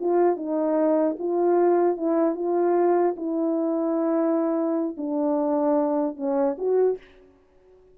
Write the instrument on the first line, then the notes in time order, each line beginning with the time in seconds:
horn
0.00 F4
0.37 D#4
1.19 F4
1.97 E4
2.35 F4
3.17 E4
4.97 D4
6.17 C#4
6.58 F#4